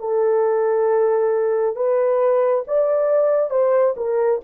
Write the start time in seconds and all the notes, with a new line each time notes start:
0.00 A4
1.76 B4
2.68 D5
3.50 C5
3.96 A#4